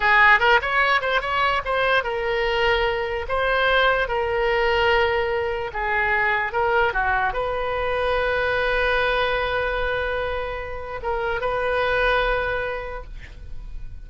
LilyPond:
\new Staff \with { instrumentName = "oboe" } { \time 4/4 \tempo 4 = 147 gis'4 ais'8 cis''4 c''8 cis''4 | c''4 ais'2. | c''2 ais'2~ | ais'2 gis'2 |
ais'4 fis'4 b'2~ | b'1~ | b'2. ais'4 | b'1 | }